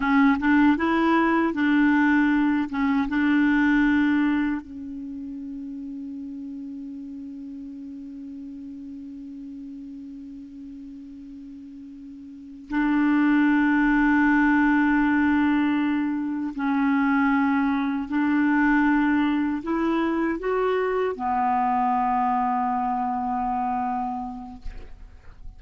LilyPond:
\new Staff \with { instrumentName = "clarinet" } { \time 4/4 \tempo 4 = 78 cis'8 d'8 e'4 d'4. cis'8 | d'2 cis'2~ | cis'1~ | cis'1~ |
cis'8 d'2.~ d'8~ | d'4. cis'2 d'8~ | d'4. e'4 fis'4 b8~ | b1 | }